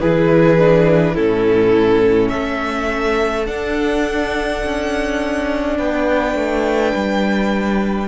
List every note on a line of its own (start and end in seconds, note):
0.00 1.17 E3
0.00 0.58 E4
0.00 1.14 G#4
0.00 1.15 B4
0.58 1.16 D4
1.14 2.32 A2
1.14 3.46 C#4
1.14 2.30 E4
1.14 2.29 A4
2.29 3.48 A3
2.29 5.77 A4
2.29 3.44 E5
3.46 8.07 D4
3.46 4.63 D4
3.46 5.77 F#5
4.64 5.79 C#4
5.77 6.35 B3
5.77 8.08 B4
5.77 8.08 G5
6.35 6.92 A3
6.94 8.08 G3